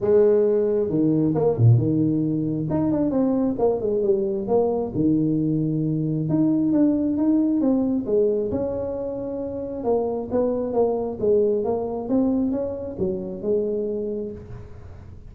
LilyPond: \new Staff \with { instrumentName = "tuba" } { \time 4/4 \tempo 4 = 134 gis2 dis4 ais8 ais,8 | dis2 dis'8 d'8 c'4 | ais8 gis8 g4 ais4 dis4~ | dis2 dis'4 d'4 |
dis'4 c'4 gis4 cis'4~ | cis'2 ais4 b4 | ais4 gis4 ais4 c'4 | cis'4 fis4 gis2 | }